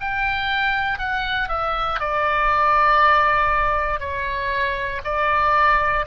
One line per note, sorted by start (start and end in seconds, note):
0.00 0.99 G5
0.99 1.49 F#5
1.49 2.00 E5
2.00 4.00 D5
4.00 5.02 C#5
5.04 6.06 D5